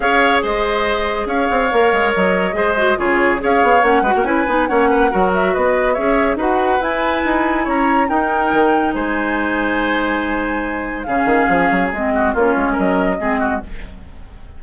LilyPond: <<
  \new Staff \with { instrumentName = "flute" } { \time 4/4 \tempo 4 = 141 f''4 dis''2 f''4~ | f''4 dis''2 cis''4 | f''4 fis''4 gis''4 fis''4~ | fis''8 e''8 dis''4 e''4 fis''4 |
gis''2 ais''4 g''4~ | g''4 gis''2.~ | gis''2 f''2 | dis''4 cis''4 dis''2 | }
  \new Staff \with { instrumentName = "oboe" } { \time 4/4 cis''4 c''2 cis''4~ | cis''2 c''4 gis'4 | cis''4. b'16 ais'16 b'4 cis''8 b'8 | ais'4 b'4 cis''4 b'4~ |
b'2 cis''4 ais'4~ | ais'4 c''2.~ | c''2 gis'2~ | gis'8 fis'8 f'4 ais'4 gis'8 fis'8 | }
  \new Staff \with { instrumentName = "clarinet" } { \time 4/4 gis'1 | ais'2 gis'8 fis'8 f'4 | gis'4 cis'8 fis'8 e'8 dis'8 cis'4 | fis'2 gis'4 fis'4 |
e'2. dis'4~ | dis'1~ | dis'2 cis'2 | c'4 cis'2 c'4 | }
  \new Staff \with { instrumentName = "bassoon" } { \time 4/4 cis'4 gis2 cis'8 c'8 | ais8 gis8 fis4 gis4 cis4 | cis'8 b8 ais8 gis16 ais16 cis'8 b8 ais4 | fis4 b4 cis'4 dis'4 |
e'4 dis'4 cis'4 dis'4 | dis4 gis2.~ | gis2 cis8 dis8 f8 fis8 | gis4 ais8 gis8 fis4 gis4 | }
>>